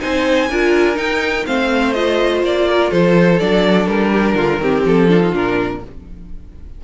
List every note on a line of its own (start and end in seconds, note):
0.00 0.49 C4
0.00 0.48 D#4
0.00 0.50 C5
0.00 0.97 G#5
0.49 0.97 D4
0.49 0.95 F4
0.49 1.47 A#4
0.95 1.43 D#4
0.95 1.46 D#4
0.95 1.46 G5
1.46 2.43 A3
1.46 1.95 C4
1.46 2.69 C5
1.46 1.93 F5
1.93 3.40 F4
1.93 2.41 D#5
2.43 2.91 A#3
2.43 2.91 D5
2.70 2.90 A#4
2.90 3.40 F3
2.90 4.11 A4
2.90 3.39 C5
3.39 3.87 F#3
3.39 4.61 D4
3.39 3.87 D5
3.87 4.34 G3
3.87 4.84 A#4
4.12 4.36 G4
4.34 4.58 D3
4.34 4.60 F4
4.58 4.83 D#3
4.58 5.09 C4
4.58 5.09 G4
4.85 5.33 F3
4.85 5.35 A4
5.09 5.21 D4
5.09 5.82 F4
5.21 5.32 D#4
5.32 5.82 A#2
5.32 5.81 D4
5.32 5.84 A#4